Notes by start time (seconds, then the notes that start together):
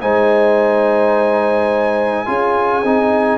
0.00 G#3 D#4 C5 G#5
2.25 C#4 F4 G#4
2.83 C4 D#4